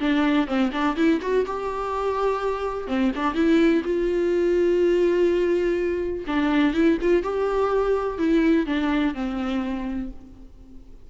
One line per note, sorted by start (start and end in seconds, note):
0.00 0.47 D4
0.47 0.71 C4
0.72 0.96 D4
0.96 1.20 E4
1.22 1.46 F#4
1.46 2.88 G4
2.88 3.12 C4
3.16 3.34 D4
3.34 3.82 E4
3.85 6.25 F4
6.27 6.74 D4
6.74 6.98 E4
7.02 7.23 F4
7.23 8.19 G4
8.19 8.67 E4
8.67 9.14 D4
9.14 10.10 C4